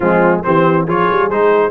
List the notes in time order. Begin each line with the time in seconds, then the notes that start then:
0.00 F3 G#3 C4 F4
0.43 E3 C4 G4 C5
0.84 F3 F4 G#4 C#5
1.11 G3
1.29 G#3 D#4 C5